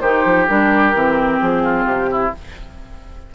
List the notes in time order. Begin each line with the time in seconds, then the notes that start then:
0.00 D#3 D#4 G4 C5
0.25 F3
0.47 G3 D4 A#4
0.94 E3 C4
1.40 F3 G#4
1.63 F4
1.85 C3 G4
2.11 E4